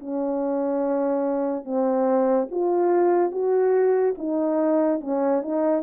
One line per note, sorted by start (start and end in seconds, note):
0.00 1.65 C#4
1.65 2.48 C4
2.51 3.31 F4
3.31 4.15 F#4
4.18 5.01 D#4
5.01 5.42 C#4
5.42 5.83 D#4